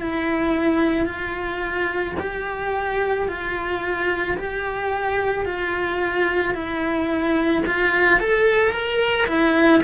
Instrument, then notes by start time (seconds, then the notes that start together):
cello
0.00 E4
1.06 F4
2.19 G4
3.28 F4
4.37 G4
5.45 F4
6.54 E4
7.66 F4
8.19 A4
8.71 A#4
9.26 E4